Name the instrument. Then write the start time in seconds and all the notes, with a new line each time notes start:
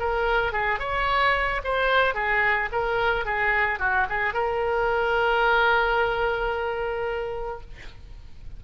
oboe
0.00 A#4
0.53 G#4
0.80 C#5
1.65 C5
2.15 G#4
2.73 A#4
3.26 G#4
3.80 F#4
4.10 G#4
4.34 A#4